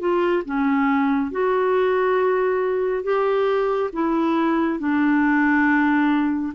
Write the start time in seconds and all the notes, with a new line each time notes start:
0.00 F4
0.45 C#4
1.32 F#4
3.04 G4
3.93 E4
4.80 D4